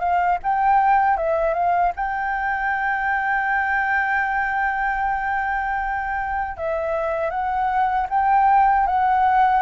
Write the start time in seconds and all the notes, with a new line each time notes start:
0.00 F5
0.43 G5
1.17 E5
1.54 F5
1.96 G5
6.57 E5
7.30 F#5
8.10 G5
8.87 F#5